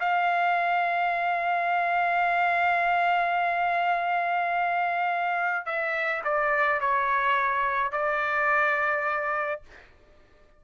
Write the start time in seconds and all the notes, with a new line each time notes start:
0.00 F5
5.66 E5
6.24 D5
6.81 C#5
7.92 D5